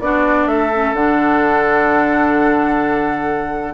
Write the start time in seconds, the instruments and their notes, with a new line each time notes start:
0.00 bassoon B3, clarinet D4, oboe F#4, flute D5
0.47 bassoon A3, oboe A4, flute E5
0.74 clarinet C#4
0.94 bassoon D3, clarinet D4, flute F#5